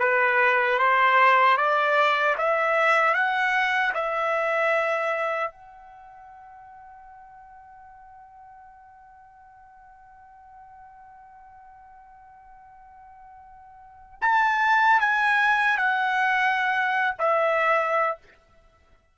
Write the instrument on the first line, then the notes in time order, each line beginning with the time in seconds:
trumpet
0.00 B4
0.79 C5
1.57 D5
2.38 E5
3.14 F#5
3.94 E5
5.51 F#5
14.22 A5
15.00 G#5
15.78 F#5
17.19 E5